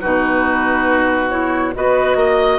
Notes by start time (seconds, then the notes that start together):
0.00 B2 D#4 F#4 B4
1.29 E4 C#5
1.74 B3 F#4 B4 D#5
2.15 A#3 D#5